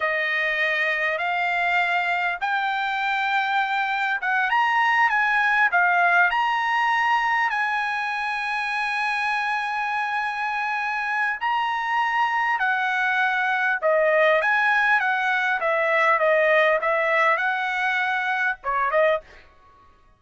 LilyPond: \new Staff \with { instrumentName = "trumpet" } { \time 4/4 \tempo 4 = 100 dis''2 f''2 | g''2. fis''8 ais''8~ | ais''8 gis''4 f''4 ais''4.~ | ais''8 gis''2.~ gis''8~ |
gis''2. ais''4~ | ais''4 fis''2 dis''4 | gis''4 fis''4 e''4 dis''4 | e''4 fis''2 cis''8 dis''8 | }